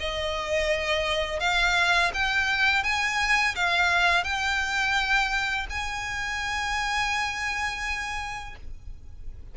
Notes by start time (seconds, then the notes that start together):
0.00 D#5
1.40 F5
2.14 G5
2.84 G#5
3.56 F5
4.24 G5
5.70 G#5